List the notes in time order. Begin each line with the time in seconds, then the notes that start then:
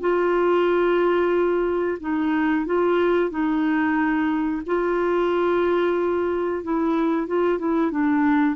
0.00 F4
2.00 D#4
2.66 F4
3.30 D#4
4.66 F4
6.64 E4
7.27 F4
7.59 E4
7.91 D4